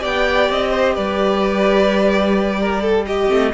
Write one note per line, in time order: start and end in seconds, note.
0.00 0.50 B3
0.00 3.27 G4
0.00 0.71 D5
0.00 0.51 G5
0.50 0.97 C4
0.50 0.96 D#5
0.71 0.94 C5
0.95 3.29 G3
0.95 2.59 B4
0.95 3.06 D5
2.61 2.82 A#4
2.82 3.06 A4
3.06 3.54 G4
3.06 3.53 D#5
3.27 3.53 A3
3.27 3.51 C4